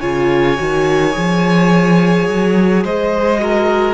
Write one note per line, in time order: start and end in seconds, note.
0.00 0.59 C#3
0.00 0.58 F4
0.00 2.83 C#5
0.00 2.84 G#5
0.58 1.17 D#3
0.58 1.13 F#4
1.13 2.28 F3
1.13 3.39 G#4
2.28 2.84 F#3
2.84 3.94 G#3
2.84 3.41 C5
2.84 3.94 D#5
3.39 3.94 F#4
3.39 3.94 A#4